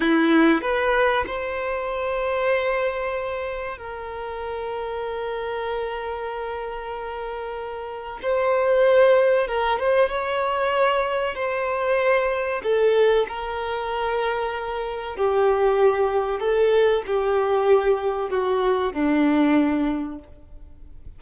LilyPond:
\new Staff \with { instrumentName = "violin" } { \time 4/4 \tempo 4 = 95 e'4 b'4 c''2~ | c''2 ais'2~ | ais'1~ | ais'4 c''2 ais'8 c''8 |
cis''2 c''2 | a'4 ais'2. | g'2 a'4 g'4~ | g'4 fis'4 d'2 | }